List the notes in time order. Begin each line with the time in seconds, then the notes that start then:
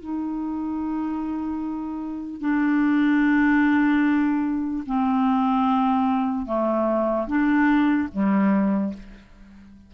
0.00 D#4
2.40 D4
4.86 C4
6.46 A3
7.27 D4
8.12 G3